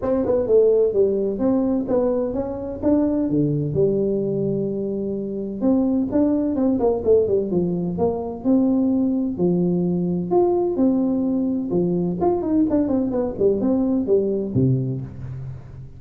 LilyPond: \new Staff \with { instrumentName = "tuba" } { \time 4/4 \tempo 4 = 128 c'8 b8 a4 g4 c'4 | b4 cis'4 d'4 d4 | g1 | c'4 d'4 c'8 ais8 a8 g8 |
f4 ais4 c'2 | f2 f'4 c'4~ | c'4 f4 f'8 dis'8 d'8 c'8 | b8 g8 c'4 g4 c4 | }